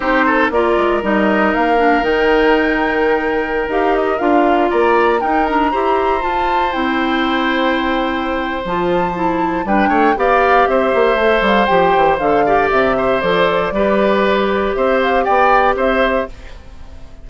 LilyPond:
<<
  \new Staff \with { instrumentName = "flute" } { \time 4/4 \tempo 4 = 118 c''4 d''4 dis''4 f''4 | g''2.~ g''16 f''8 dis''16~ | dis''16 f''4 ais''4 g''8 ais''4~ ais''16~ | ais''16 a''4 g''2~ g''8.~ |
g''4 a''2 g''4 | f''4 e''4. f''8 g''4 | f''4 e''4 d''2~ | d''4 e''8 f''8 g''4 e''4 | }
  \new Staff \with { instrumentName = "oboe" } { \time 4/4 g'8 a'8 ais'2.~ | ais'1~ | ais'4~ ais'16 d''4 ais'4 c''8.~ | c''1~ |
c''2. b'8 cis''8 | d''4 c''2.~ | c''8 d''4 c''4. b'4~ | b'4 c''4 d''4 c''4 | }
  \new Staff \with { instrumentName = "clarinet" } { \time 4/4 dis'4 f'4 dis'4. d'8 | dis'2.~ dis'16 g'8.~ | g'16 f'2 dis'8 d'8 g'8.~ | g'16 f'4 e'2~ e'8.~ |
e'4 f'4 e'4 d'4 | g'2 a'4 g'4 | a'8 g'4. a'4 g'4~ | g'1 | }
  \new Staff \with { instrumentName = "bassoon" } { \time 4/4 c'4 ais8 gis8 g4 ais4 | dis2.~ dis16 dis'8.~ | dis'16 d'4 ais4 dis'4 e'8.~ | e'16 f'4 c'2~ c'8.~ |
c'4 f2 g8 a8 | b4 c'8 ais8 a8 g8 f8 e8 | d4 c4 f4 g4~ | g4 c'4 b4 c'4 | }
>>